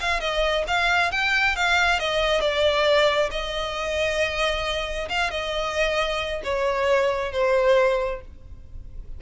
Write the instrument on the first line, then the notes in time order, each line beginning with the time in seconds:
violin
0.00 F5
0.20 D#5
0.67 F5
1.11 G5
1.55 F5
1.99 D#5
2.41 D5
3.31 D#5
5.09 F5
5.30 D#5
6.43 C#5
7.32 C5